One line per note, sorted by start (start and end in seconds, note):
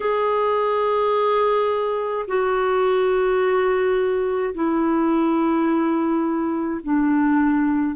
0.00 2.26 G#4
2.27 4.54 F#4
4.54 6.80 E4
6.83 7.95 D4